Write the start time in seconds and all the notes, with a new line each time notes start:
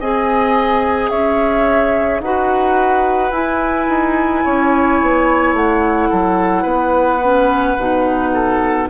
0.00 C4 G#4 D#5 G#5
1.10 C#4 C#5 E5
2.20 D#4 F#4 B4 F#5
3.31 E4 G#5
3.89 D#4
4.44 C#4 C#5
5.02 B3
5.53 A3 F#5
6.09 F#3 A4
6.63 B3 B4
7.23 C#4
7.78 B2 D#4
8.34 A4